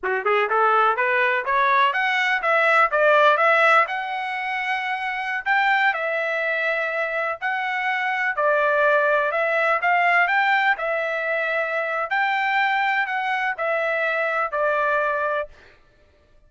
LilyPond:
\new Staff \with { instrumentName = "trumpet" } { \time 4/4 \tempo 4 = 124 fis'8 gis'8 a'4 b'4 cis''4 | fis''4 e''4 d''4 e''4 | fis''2.~ fis''16 g''8.~ | g''16 e''2. fis''8.~ |
fis''4~ fis''16 d''2 e''8.~ | e''16 f''4 g''4 e''4.~ e''16~ | e''4 g''2 fis''4 | e''2 d''2 | }